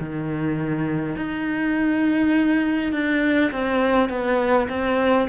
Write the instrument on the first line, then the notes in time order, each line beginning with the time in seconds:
cello
0.00 D#3
1.16 D#4
2.93 D4
3.52 C4
4.10 B3
4.69 C4